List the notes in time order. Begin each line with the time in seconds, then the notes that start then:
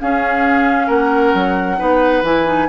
0.00 C#4 G#4 F5
0.87 A#3 A#4 F#5
1.34 F#3
1.78 B3 D#4 B4
2.23 E3 E4 G#5
2.46 D#4